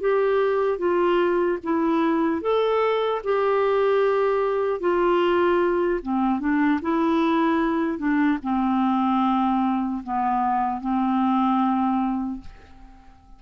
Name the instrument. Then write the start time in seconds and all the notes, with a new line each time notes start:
clarinet
0.00 G4
0.78 F4
1.63 E4
2.41 A4
3.23 G4
4.80 F4
6.02 C4
6.39 D4
6.81 E4
7.98 D4
8.43 C4
10.03 B3
10.80 C4